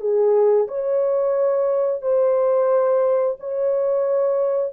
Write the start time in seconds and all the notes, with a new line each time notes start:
0.00 G#4
0.68 C#5
2.01 C5
3.40 C#5